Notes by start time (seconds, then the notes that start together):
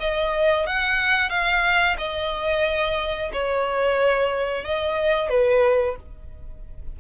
0.00 D#5
0.66 F#5
1.30 F5
1.98 D#5
3.33 C#5
4.65 D#5
5.30 B4